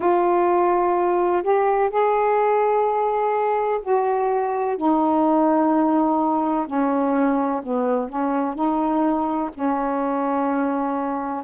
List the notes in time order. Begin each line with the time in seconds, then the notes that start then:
0.00 F4
1.42 G4
1.90 G#4
3.82 F#4
4.77 D#4
6.66 C#4
7.62 B3
8.09 C#4
8.55 D#4
9.54 C#4